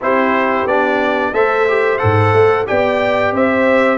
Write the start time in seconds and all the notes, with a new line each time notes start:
0.01 C4 E4 G4 C5
0.65 B3 D4 D5
1.32 A3 A4 C5 E5
1.68 G4
1.98 G#2 A4 F#5
2.32 A3
2.66 B3 G4 D5 G5
3.32 C4 C5 E5